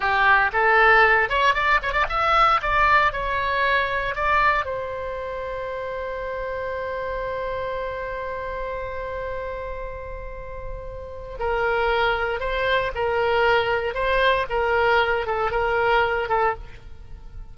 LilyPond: \new Staff \with { instrumentName = "oboe" } { \time 4/4 \tempo 4 = 116 g'4 a'4. cis''8 d''8 cis''16 d''16 | e''4 d''4 cis''2 | d''4 c''2.~ | c''1~ |
c''1~ | c''2 ais'2 | c''4 ais'2 c''4 | ais'4. a'8 ais'4. a'8 | }